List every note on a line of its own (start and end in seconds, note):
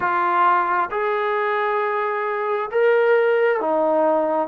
0.00 0.90 F4
0.90 2.69 G#4
2.71 3.60 A#4
3.60 4.48 D#4